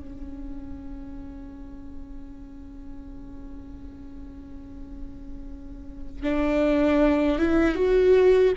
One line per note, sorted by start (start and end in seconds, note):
0.00 6.23 C#4
6.23 7.38 D4
7.38 7.75 E4
7.75 8.53 F#4